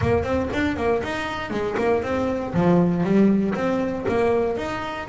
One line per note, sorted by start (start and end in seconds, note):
0.01 0.23 A#3
0.23 0.49 C4
0.53 0.76 D4
0.76 1.02 A#3
1.03 1.50 D#4
1.50 1.75 G#3
1.77 2.02 A#3
2.02 2.53 C4
2.54 3.03 F3
3.03 3.54 G3
3.54 4.05 C4
4.08 4.57 A#3
4.57 5.08 D#4